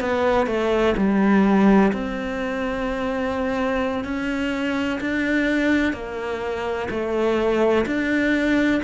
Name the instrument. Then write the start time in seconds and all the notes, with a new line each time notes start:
cello
0.00 B3
0.46 A3
0.97 G3
1.92 C4
4.04 C#4
5.00 D4
5.93 A#3
6.90 A3
7.86 D4